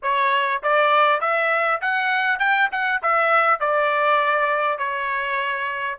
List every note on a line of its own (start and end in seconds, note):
0.02 0.62 C#5
0.62 1.20 D5
1.20 1.80 E5
1.81 2.39 F#5
2.39 2.69 G5
2.71 3.01 F#5
3.02 3.60 E5
3.60 4.78 D5
4.78 5.98 C#5